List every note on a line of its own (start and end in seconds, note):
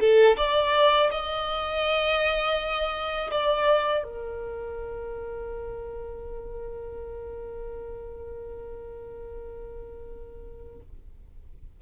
0.00 0.37 A4
0.37 1.10 D5
1.11 3.31 D#5
3.31 4.03 D5
4.03 10.80 A#4